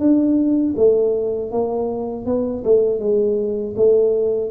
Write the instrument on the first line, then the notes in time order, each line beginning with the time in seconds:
tuba
0.00 D4
0.77 A3
1.52 A#3
2.26 B3
2.65 A3
3.00 G#3
3.77 A3